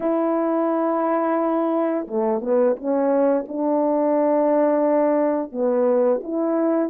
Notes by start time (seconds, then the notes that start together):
0.00 E4
2.07 A3
2.41 B3
2.76 C#4
3.48 D4
5.51 B3
6.23 E4